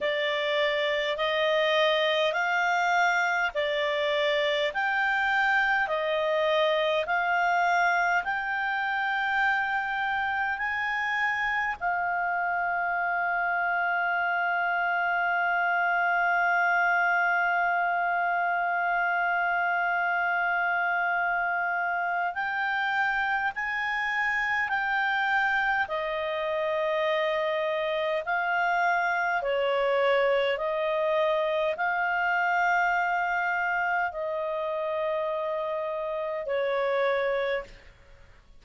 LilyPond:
\new Staff \with { instrumentName = "clarinet" } { \time 4/4 \tempo 4 = 51 d''4 dis''4 f''4 d''4 | g''4 dis''4 f''4 g''4~ | g''4 gis''4 f''2~ | f''1~ |
f''2. g''4 | gis''4 g''4 dis''2 | f''4 cis''4 dis''4 f''4~ | f''4 dis''2 cis''4 | }